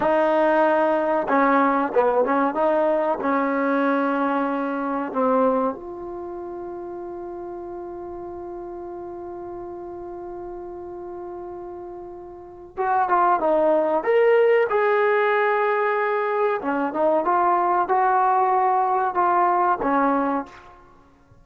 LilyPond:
\new Staff \with { instrumentName = "trombone" } { \time 4/4 \tempo 4 = 94 dis'2 cis'4 b8 cis'8 | dis'4 cis'2. | c'4 f'2.~ | f'1~ |
f'1 | fis'8 f'8 dis'4 ais'4 gis'4~ | gis'2 cis'8 dis'8 f'4 | fis'2 f'4 cis'4 | }